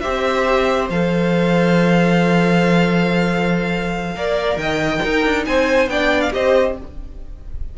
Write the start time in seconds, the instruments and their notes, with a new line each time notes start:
0.00 cello C4, viola G4, violin C5 E5
0.89 cello F3, viola A4, violin F5
4.16 cello A#3, viola A#4, violin D5
4.56 cello D#3, violin D#5 G5
5.01 viola D#4, cello D#4, violin A#4
5.25 cello D4
5.45 cello C4, violin C5 G#5
5.87 cello B3, viola D4, violin D5 G5
6.21 violin F5
6.31 cello C4, viola G4, violin C5 D#5